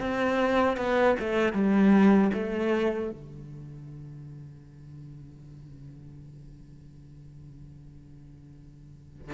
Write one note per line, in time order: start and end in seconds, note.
0.00 0.77 C4
0.77 1.16 B3
1.20 1.53 A3
1.53 2.31 G3
2.34 3.11 A3
3.11 9.34 D3